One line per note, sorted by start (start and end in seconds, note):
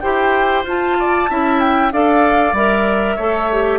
0.00 0.64 E4
0.00 0.65 G4
0.00 0.97 C5
0.00 0.63 G5
0.64 1.27 F4
0.64 1.28 F4
0.64 1.60 A5
0.98 1.30 D5
1.28 1.92 C#4
1.28 1.92 E4
1.28 1.93 E5
1.60 1.91 G5
1.92 2.52 D4
1.92 2.55 A4
1.92 3.16 D5
1.92 2.55 F5
2.52 3.16 G3
2.52 3.19 A#4
2.52 3.78 E5
3.16 3.78 A3
3.16 3.50 A4
3.16 3.78 C#5
3.52 3.78 G4